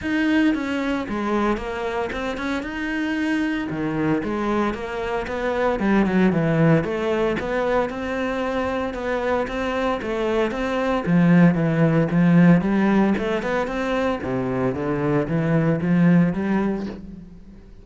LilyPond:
\new Staff \with { instrumentName = "cello" } { \time 4/4 \tempo 4 = 114 dis'4 cis'4 gis4 ais4 | c'8 cis'8 dis'2 dis4 | gis4 ais4 b4 g8 fis8 | e4 a4 b4 c'4~ |
c'4 b4 c'4 a4 | c'4 f4 e4 f4 | g4 a8 b8 c'4 c4 | d4 e4 f4 g4 | }